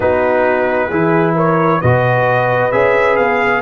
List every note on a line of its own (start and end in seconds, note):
0.00 0.90 B3
0.00 0.90 D#4
0.00 0.87 F#4
0.00 1.35 B4
0.87 1.81 E3
0.87 1.82 E4
0.87 1.33 G#4
1.34 1.80 A#4
1.34 1.81 C#5
1.80 2.72 B2
1.80 2.72 F#4
1.80 3.62 B4
1.80 2.71 D#5
2.71 3.17 C#4
2.71 3.62 G#4
2.71 3.16 E5
3.16 3.62 B3
3.16 3.61 F5